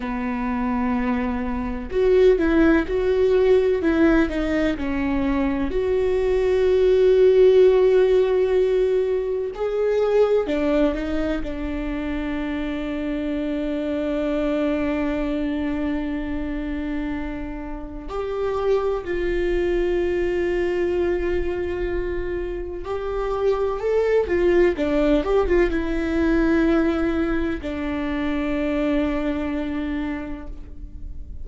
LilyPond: \new Staff \with { instrumentName = "viola" } { \time 4/4 \tempo 4 = 63 b2 fis'8 e'8 fis'4 | e'8 dis'8 cis'4 fis'2~ | fis'2 gis'4 d'8 dis'8 | d'1~ |
d'2. g'4 | f'1 | g'4 a'8 f'8 d'8 g'16 f'16 e'4~ | e'4 d'2. | }